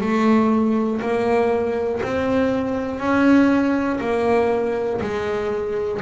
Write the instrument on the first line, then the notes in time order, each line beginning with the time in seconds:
double bass
0.00 A3
1.00 A#3
2.02 C4
3.00 C#4
4.00 A#3
5.00 G#3